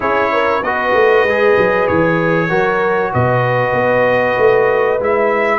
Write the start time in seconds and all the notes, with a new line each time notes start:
0.00 C#4 E4 G#4 C#5
0.32 A#4
0.62 B3 F#4 B4 D#5
0.93 A3
1.23 G#3 G#4
1.57 F#3
1.87 E3 C#5
2.49 F#3 F#4 A#4
3.12 B2 B4 D#5
3.73 B3
4.37 A3
4.99 G#3 E4 E5